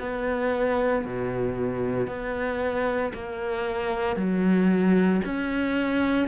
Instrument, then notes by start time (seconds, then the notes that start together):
cello
0.00 B3
1.05 B2
2.08 B3
3.14 A#3
4.16 F#3
5.25 C#4